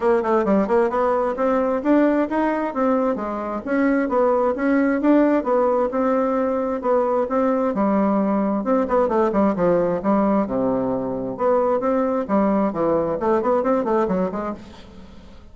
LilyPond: \new Staff \with { instrumentName = "bassoon" } { \time 4/4 \tempo 4 = 132 ais8 a8 g8 ais8 b4 c'4 | d'4 dis'4 c'4 gis4 | cis'4 b4 cis'4 d'4 | b4 c'2 b4 |
c'4 g2 c'8 b8 | a8 g8 f4 g4 c4~ | c4 b4 c'4 g4 | e4 a8 b8 c'8 a8 fis8 gis8 | }